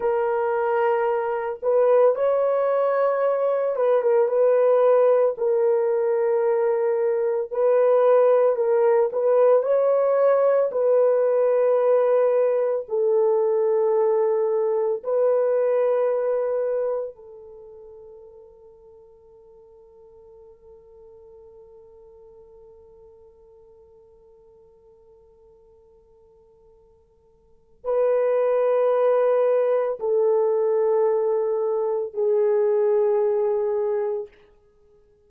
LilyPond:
\new Staff \with { instrumentName = "horn" } { \time 4/4 \tempo 4 = 56 ais'4. b'8 cis''4. b'16 ais'16 | b'4 ais'2 b'4 | ais'8 b'8 cis''4 b'2 | a'2 b'2 |
a'1~ | a'1~ | a'2 b'2 | a'2 gis'2 | }